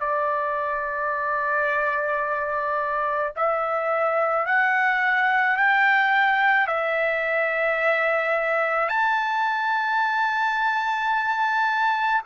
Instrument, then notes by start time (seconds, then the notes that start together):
trumpet
0.00 D5
3.36 E5
4.45 F#5
5.57 G5
6.67 E5
8.88 A5